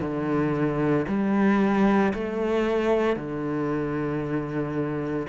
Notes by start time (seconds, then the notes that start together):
0.00 D3
1.08 G3
2.13 A3
3.16 D3